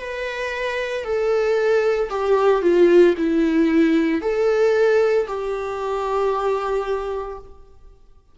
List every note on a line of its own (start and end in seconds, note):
0.00 1.05 B4
1.05 2.10 A4
2.11 2.63 G4
2.63 3.15 F4
3.18 4.22 E4
4.22 5.27 A4
5.28 7.39 G4